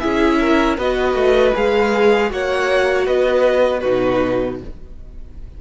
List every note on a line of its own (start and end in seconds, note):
0.00 0.78 C#4
0.00 0.78 E4
0.00 0.39 G#4
0.00 0.76 E5
0.40 0.78 A#4
0.78 1.14 B3
0.78 1.55 F#4
0.78 2.30 B4
0.78 1.55 D#5
1.14 1.52 A3
1.55 2.32 G#3
1.55 2.30 G#4
1.55 2.32 F5
2.30 3.07 A#3
2.30 3.82 F#4
2.30 3.06 C#5
2.30 3.07 F#5
3.06 3.83 B3
3.06 3.80 B4
3.06 3.80 D#5
3.80 4.62 B2
3.80 4.60 D#4
3.80 4.56 F#4
3.80 4.56 B4